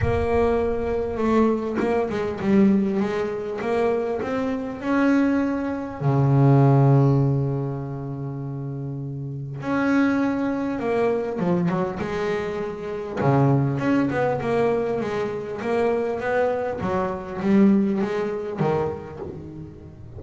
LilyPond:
\new Staff \with { instrumentName = "double bass" } { \time 4/4 \tempo 4 = 100 ais2 a4 ais8 gis8 | g4 gis4 ais4 c'4 | cis'2 cis2~ | cis1 |
cis'2 ais4 f8 fis8 | gis2 cis4 cis'8 b8 | ais4 gis4 ais4 b4 | fis4 g4 gis4 dis4 | }